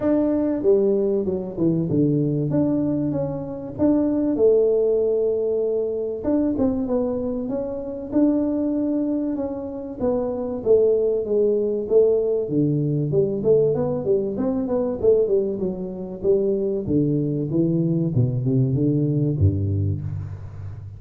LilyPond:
\new Staff \with { instrumentName = "tuba" } { \time 4/4 \tempo 4 = 96 d'4 g4 fis8 e8 d4 | d'4 cis'4 d'4 a4~ | a2 d'8 c'8 b4 | cis'4 d'2 cis'4 |
b4 a4 gis4 a4 | d4 g8 a8 b8 g8 c'8 b8 | a8 g8 fis4 g4 d4 | e4 b,8 c8 d4 g,4 | }